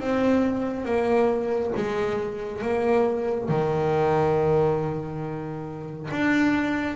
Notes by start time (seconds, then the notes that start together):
0.00 C4
0.85 A#3
1.76 G#3
2.61 A#3
3.48 D#3
6.11 D4